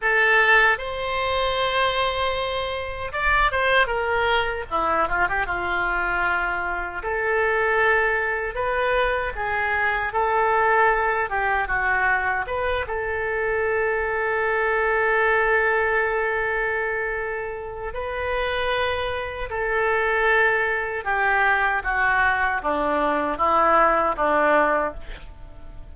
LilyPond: \new Staff \with { instrumentName = "oboe" } { \time 4/4 \tempo 4 = 77 a'4 c''2. | d''8 c''8 ais'4 e'8 f'16 g'16 f'4~ | f'4 a'2 b'4 | gis'4 a'4. g'8 fis'4 |
b'8 a'2.~ a'8~ | a'2. b'4~ | b'4 a'2 g'4 | fis'4 d'4 e'4 d'4 | }